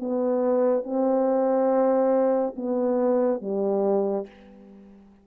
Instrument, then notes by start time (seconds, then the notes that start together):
horn
0.00 B3
0.84 C4
2.56 B3
3.42 G3